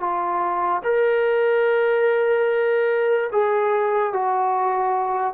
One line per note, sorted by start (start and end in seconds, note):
0.00 0.82 F4
0.84 3.30 A#4
3.32 4.13 G#4
4.13 5.34 F#4